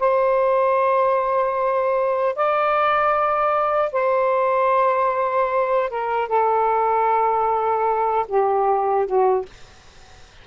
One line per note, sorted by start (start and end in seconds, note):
0.00 2.36 C5
2.36 3.93 D5
3.93 5.90 C5
5.90 6.29 A#4
6.29 8.26 A4
8.29 9.07 G4
9.07 9.46 F#4